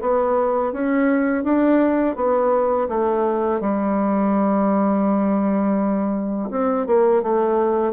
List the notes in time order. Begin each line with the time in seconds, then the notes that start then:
0.00 B3
0.72 C#4
1.43 D4
2.16 B3
2.88 A3
3.60 G3
6.50 C4
6.86 A#3
7.22 A3